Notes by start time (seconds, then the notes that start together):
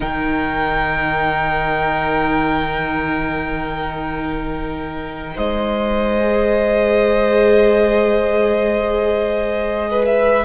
0.00 D#3 D#4 A#4 G5
5.35 G#3 C5 D#5
6.19 G#4
9.90 B4
10.05 E5